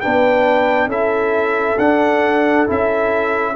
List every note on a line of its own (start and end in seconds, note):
0.00 0.86 B3
0.00 0.88 D4
0.00 0.88 B4
0.00 0.88 G5
0.86 1.75 C#4
0.86 1.77 E4
0.86 3.53 A4
0.86 1.78 E5
1.78 2.66 D4
1.78 2.66 F#5
2.66 3.55 C#4
2.66 3.54 E4
2.66 3.55 E5